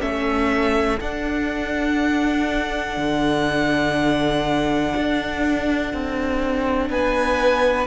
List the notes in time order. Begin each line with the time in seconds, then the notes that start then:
0.00 A3 C#4 A4 E5
1.00 D4 F#5
2.97 D3
4.96 D4
5.93 C4
6.89 B3 B4 G#5